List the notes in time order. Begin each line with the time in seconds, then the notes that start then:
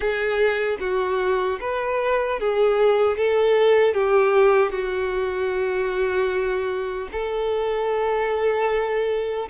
0.00 G#4
0.80 F#4
1.60 B4
2.39 G#4
3.17 A4
3.94 G4
4.71 F#4
7.12 A4